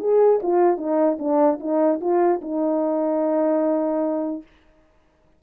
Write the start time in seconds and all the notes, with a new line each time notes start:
0.00 G#4
0.42 F4
0.78 D#4
1.19 D4
1.60 D#4
2.00 F4
2.41 D#4